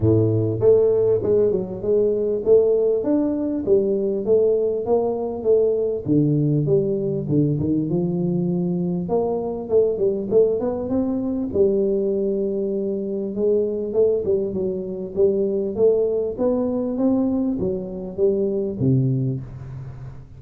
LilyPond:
\new Staff \with { instrumentName = "tuba" } { \time 4/4 \tempo 4 = 99 a,4 a4 gis8 fis8 gis4 | a4 d'4 g4 a4 | ais4 a4 d4 g4 | d8 dis8 f2 ais4 |
a8 g8 a8 b8 c'4 g4~ | g2 gis4 a8 g8 | fis4 g4 a4 b4 | c'4 fis4 g4 c4 | }